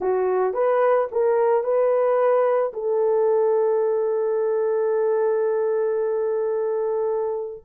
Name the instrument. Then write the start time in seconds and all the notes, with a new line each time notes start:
horn
0.00 F#4
0.53 B4
1.11 A#4
1.63 B4
2.73 A4